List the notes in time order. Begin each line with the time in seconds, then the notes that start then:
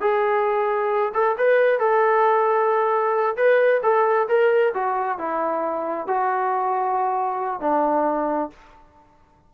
0.00 G#4
1.14 A4
1.38 B4
1.79 A4
3.36 B4
3.83 A4
4.28 A#4
4.74 F#4
5.18 E4
6.07 F#4
7.60 D4